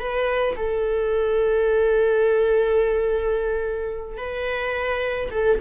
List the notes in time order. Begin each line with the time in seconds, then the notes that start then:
0.00 B4
0.57 A4
4.18 B4
5.31 A4